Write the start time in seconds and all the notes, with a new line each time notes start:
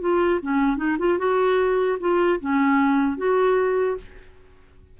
0.00 F4
0.42 C#4
0.77 D#4
0.98 F4
1.18 F#4
2.00 F4
2.40 C#4
3.17 F#4